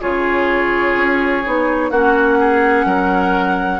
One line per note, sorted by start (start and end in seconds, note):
0.00 0.96 C#3
0.00 1.43 F4
0.00 1.90 G#4
0.00 1.90 C#5
0.96 1.43 C#4
1.44 1.90 B3
1.44 1.91 D#4
1.90 2.85 A#3
1.90 3.80 C#4
1.90 2.38 F#4
1.90 3.80 F#5
2.39 2.86 G#4
2.85 3.80 F#3
2.85 3.80 A#4